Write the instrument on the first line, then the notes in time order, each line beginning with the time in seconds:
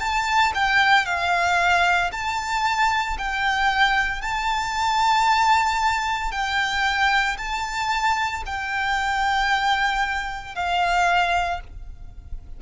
violin
0.00 A5
0.55 G5
1.06 F5
2.12 A5
3.18 G5
4.22 A5
6.32 G5
7.38 A5
8.46 G5
10.56 F5